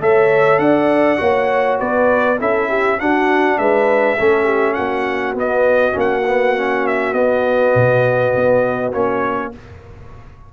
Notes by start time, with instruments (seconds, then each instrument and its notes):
0.00 tuba A3, trombone A4, horn C#5, trumpet E5
0.59 tuba D4, horn D5, trumpet F#5
1.17 tuba A#3, trombone F#4, horn C#5
1.79 tuba B3, horn B4, trumpet D5
2.39 tuba C#4, trombone E4, horn A4, trumpet E5
2.68 horn G4
2.99 trombone D4, tuba D4, horn F#4, trumpet F#5
3.58 tuba G#3, horn B4, trumpet E5
4.19 tuba A3, trombone C#4, horn A4
4.43 horn G4
4.74 tuba A#3, horn F#4, trumpet F#5
5.34 tuba B3, trombone B3, trumpet D#5
5.92 tuba A#3, trombone C#4
6.00 trumpet F#5
6.26 trombone B3
6.56 trombone C#4
6.87 trumpet E5
7.12 tuba B3, trombone B3, trumpet D#5
7.75 tuba B2
8.36 tuba B3
8.92 tuba A#3, trombone C#4, trumpet C#5